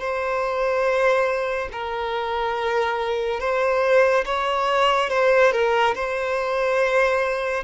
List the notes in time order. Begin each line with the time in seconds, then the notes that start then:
0.00 C5
1.72 A#4
3.40 C5
4.25 C#5
5.10 C5
5.52 A#4
5.95 C5